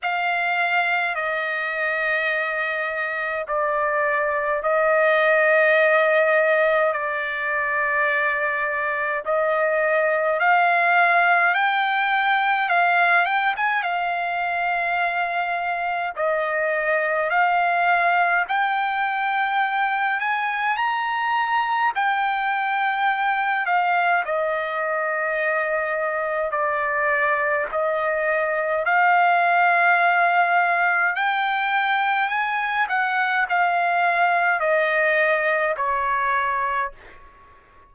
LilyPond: \new Staff \with { instrumentName = "trumpet" } { \time 4/4 \tempo 4 = 52 f''4 dis''2 d''4 | dis''2 d''2 | dis''4 f''4 g''4 f''8 g''16 gis''16 | f''2 dis''4 f''4 |
g''4. gis''8 ais''4 g''4~ | g''8 f''8 dis''2 d''4 | dis''4 f''2 g''4 | gis''8 fis''8 f''4 dis''4 cis''4 | }